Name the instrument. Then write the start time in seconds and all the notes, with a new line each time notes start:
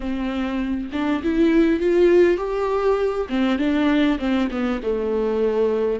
viola
0.00 C4
0.92 D4
1.23 E4
1.79 F4
2.37 G4
3.29 C4
3.58 D4
4.18 C4
4.51 B3
4.82 A3